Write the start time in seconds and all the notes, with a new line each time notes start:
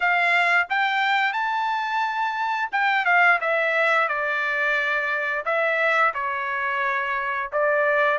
0.00 F5
0.69 G5
1.32 A5
2.71 G5
3.05 F5
3.40 E5
4.08 D5
5.45 E5
6.14 C#5
7.52 D5